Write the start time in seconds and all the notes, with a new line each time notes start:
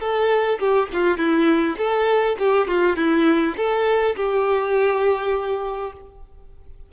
0.00 A4
0.59 G4
0.93 F4
1.18 E4
1.77 A4
2.39 G4
2.67 F4
2.96 E4
3.57 A4
4.16 G4